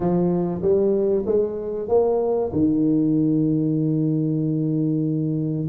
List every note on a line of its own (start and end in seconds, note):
0.00 0.61 F3
0.62 1.25 G3
1.26 1.88 G#3
1.88 2.51 A#3
2.52 5.68 D#3